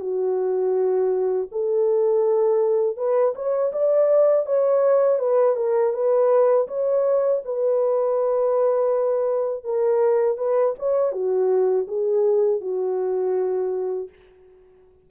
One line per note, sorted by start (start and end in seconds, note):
0.00 1.48 F#4
1.52 2.97 A4
2.97 3.34 B4
3.35 3.72 C#5
3.73 4.46 D5
4.46 5.19 C#5
5.19 5.56 B4
5.57 5.94 A#4
5.94 6.68 B4
6.68 7.42 C#5
7.45 9.64 B4
9.64 10.38 A#4
10.38 10.75 B4
10.79 11.12 C#5
11.12 11.87 F#4
11.88 12.61 G#4
12.61 14.09 F#4